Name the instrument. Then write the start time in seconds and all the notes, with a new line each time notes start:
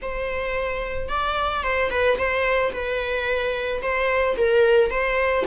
viola
0.01 C5
1.09 D5
1.63 C5
1.90 B4
2.18 C5
2.72 B4
3.82 C5
4.36 A#4
4.90 C5